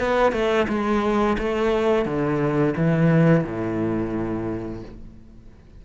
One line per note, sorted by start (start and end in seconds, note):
0.00 0.33 B3
0.33 0.67 A3
0.69 1.38 G#3
1.39 2.06 A3
2.06 2.75 D3
2.77 3.45 E3
3.45 4.83 A2